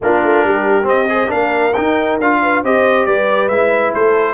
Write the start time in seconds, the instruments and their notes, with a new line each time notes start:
0.01 tuba A#3, trombone D4, horn F4, trumpet A#4
0.23 tuba A3
0.44 tuba G3, horn G4
0.83 trombone C4, tuba C4, trumpet D#5
1.09 trombone G#4, horn C5
1.28 tuba A#3, trombone D4, horn A#4, trumpet F5
1.73 trombone D#4, tuba D#4, trumpet G5
2.19 tuba D4, trombone F4, trumpet F5
2.42 horn B4
2.63 tuba C4, trombone G4, horn C5, trumpet D#5
3.05 tuba G3, horn B4, trumpet D5
3.48 tuba G#3, trombone E4, trumpet E5
3.94 tuba A3, horn A4, trumpet C5